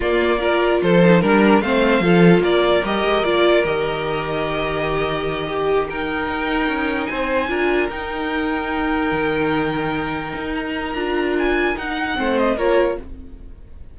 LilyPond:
<<
  \new Staff \with { instrumentName = "violin" } { \time 4/4 \tempo 4 = 148 d''2 c''4 ais'4 | f''2 d''4 dis''4 | d''4 dis''2.~ | dis''2~ dis''8 g''4.~ |
g''4. gis''2 g''8~ | g''1~ | g''2 ais''2 | gis''4 fis''4. dis''8 cis''4 | }
  \new Staff \with { instrumentName = "violin" } { \time 4/4 f'4 ais'4 a'4 ais'4 | c''4 a'4 ais'2~ | ais'1~ | ais'4. g'4 ais'4.~ |
ais'4. c''4 ais'4.~ | ais'1~ | ais'1~ | ais'2 c''4 ais'4 | }
  \new Staff \with { instrumentName = "viola" } { \time 4/4 ais4 f'4. dis'8 d'4 | c'4 f'2 g'4 | f'4 g'2.~ | g'2~ g'8 dis'4.~ |
dis'2~ dis'8 f'4 dis'8~ | dis'1~ | dis'2. f'4~ | f'4 dis'4 c'4 f'4 | }
  \new Staff \with { instrumentName = "cello" } { \time 4/4 ais2 f4 g4 | a4 f4 ais4 g8 gis8 | ais4 dis2.~ | dis2.~ dis8 dis'8~ |
dis'8 cis'4 c'4 d'4 dis'8~ | dis'2~ dis'8 dis4.~ | dis4. dis'4. d'4~ | d'4 dis'4 a4 ais4 | }
>>